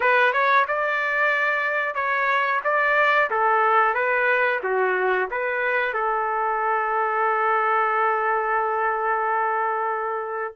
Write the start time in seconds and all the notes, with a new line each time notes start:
0.00 B4
0.32 C#5
0.67 D5
1.95 C#5
2.64 D5
3.30 A4
3.94 B4
4.63 F#4
5.30 B4
5.93 A4